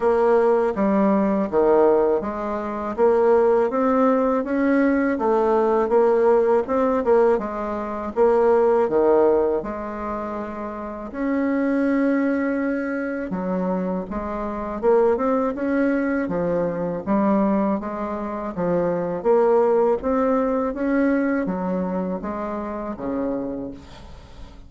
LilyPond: \new Staff \with { instrumentName = "bassoon" } { \time 4/4 \tempo 4 = 81 ais4 g4 dis4 gis4 | ais4 c'4 cis'4 a4 | ais4 c'8 ais8 gis4 ais4 | dis4 gis2 cis'4~ |
cis'2 fis4 gis4 | ais8 c'8 cis'4 f4 g4 | gis4 f4 ais4 c'4 | cis'4 fis4 gis4 cis4 | }